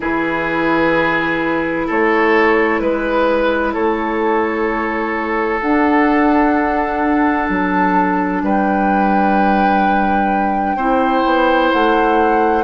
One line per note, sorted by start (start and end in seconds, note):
0.00 1.88 E3
0.00 5.60 E4
0.00 1.86 G#4
0.00 1.88 B4
1.86 2.80 A3
1.86 2.80 A4
1.86 2.79 C#5
2.79 3.74 G#3
2.79 3.73 B4
3.73 5.62 A3
3.73 8.42 A4
3.73 5.61 C#5
5.61 7.48 D4
5.61 10.78 D4
5.61 7.48 F#5
7.48 8.42 F#3
7.48 8.44 A5
8.42 10.76 G3
8.42 10.76 B4
8.42 11.71 G5
10.76 11.22 C4
10.76 12.64 E4
10.76 12.63 C5
11.25 11.72 B3
11.71 12.64 A3
11.71 12.64 F#5